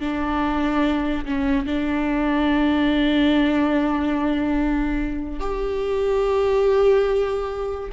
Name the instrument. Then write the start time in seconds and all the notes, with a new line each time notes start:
viola
0.00 D4
1.25 C#4
1.66 D4
5.40 G4